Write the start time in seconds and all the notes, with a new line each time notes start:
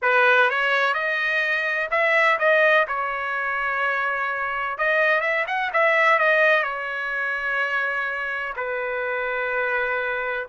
0.02 B4
0.49 C#5
0.94 D#5
1.90 E5
2.39 D#5
2.87 C#5
4.78 D#5
5.20 E5
5.47 F#5
5.73 E5
6.19 D#5
6.63 C#5
8.56 B4